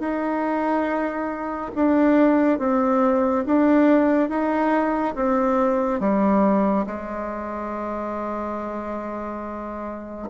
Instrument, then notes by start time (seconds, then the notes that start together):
bassoon
0.00 D#4
1.75 D4
2.59 C4
3.46 D4
4.29 D#4
5.16 C4
6.00 G3
6.87 G#3